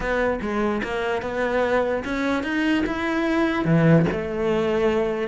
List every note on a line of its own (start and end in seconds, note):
0.00 0.39 B3
0.41 0.82 G#3
0.83 1.22 A#3
1.22 2.03 B3
2.04 2.43 C#4
2.43 2.84 D#4
2.86 3.64 E4
3.64 4.05 E3
4.11 5.28 A3